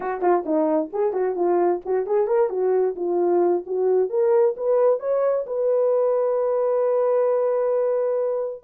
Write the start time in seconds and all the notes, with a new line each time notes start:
0.00 F#4
0.21 F4
0.45 D#4
0.93 G#4
1.13 F#4
1.35 F4
1.85 F#4
2.06 G#4
2.27 A#4
2.49 F#4
2.95 F4
3.66 F#4
4.09 A#4
4.57 B4
4.99 C#5
5.46 B4